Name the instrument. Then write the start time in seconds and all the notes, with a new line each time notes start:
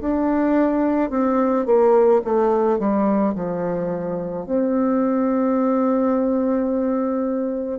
bassoon
0.00 D4
1.10 C4
1.65 A#3
2.24 A3
2.78 G3
3.34 F3
4.45 C4